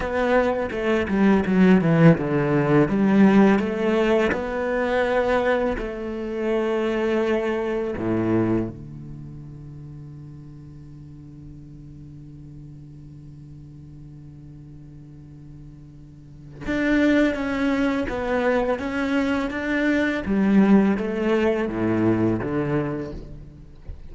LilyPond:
\new Staff \with { instrumentName = "cello" } { \time 4/4 \tempo 4 = 83 b4 a8 g8 fis8 e8 d4 | g4 a4 b2 | a2. a,4 | d1~ |
d1~ | d2. d'4 | cis'4 b4 cis'4 d'4 | g4 a4 a,4 d4 | }